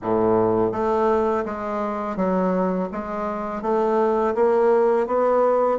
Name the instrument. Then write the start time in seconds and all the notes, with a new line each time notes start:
bassoon
0.02 A2
0.72 A3
1.45 G#3
2.16 F#3
2.91 G#3
3.61 A3
4.34 A#3
5.06 B3